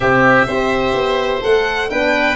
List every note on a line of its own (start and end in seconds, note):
0.00 0.45 C3
0.00 0.48 C4
0.00 0.46 G4
0.00 1.42 E5
0.46 0.93 C4
0.46 1.41 G4
0.46 1.89 C5
0.93 1.41 B3
1.41 1.90 A3
1.41 1.89 A4
1.41 1.90 F#5
1.90 2.36 B3
1.90 2.36 D4
1.90 2.36 B4
1.90 2.36 G5